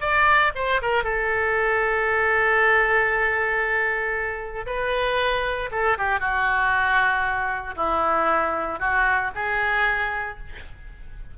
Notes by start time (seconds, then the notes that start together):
0.00 D5
0.55 C5
0.81 A#4
1.03 A4
4.66 B4
5.71 A4
5.97 G4
6.20 F#4
7.75 E4
8.79 F#4
9.34 G#4